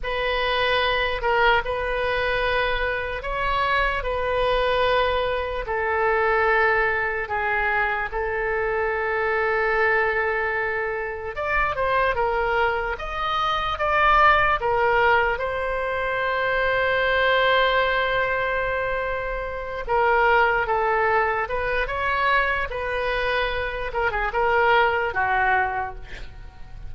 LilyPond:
\new Staff \with { instrumentName = "oboe" } { \time 4/4 \tempo 4 = 74 b'4. ais'8 b'2 | cis''4 b'2 a'4~ | a'4 gis'4 a'2~ | a'2 d''8 c''8 ais'4 |
dis''4 d''4 ais'4 c''4~ | c''1~ | c''8 ais'4 a'4 b'8 cis''4 | b'4. ais'16 gis'16 ais'4 fis'4 | }